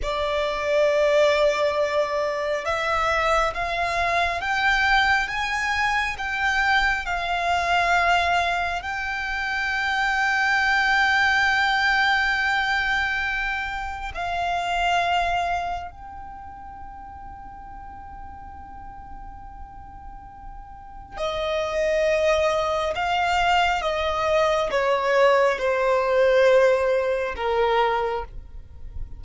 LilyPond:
\new Staff \with { instrumentName = "violin" } { \time 4/4 \tempo 4 = 68 d''2. e''4 | f''4 g''4 gis''4 g''4 | f''2 g''2~ | g''1 |
f''2 g''2~ | g''1 | dis''2 f''4 dis''4 | cis''4 c''2 ais'4 | }